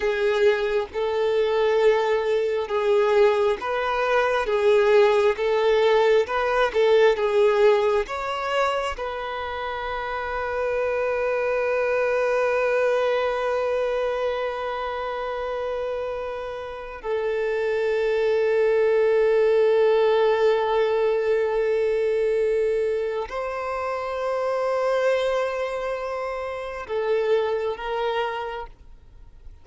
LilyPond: \new Staff \with { instrumentName = "violin" } { \time 4/4 \tempo 4 = 67 gis'4 a'2 gis'4 | b'4 gis'4 a'4 b'8 a'8 | gis'4 cis''4 b'2~ | b'1~ |
b'2. a'4~ | a'1~ | a'2 c''2~ | c''2 a'4 ais'4 | }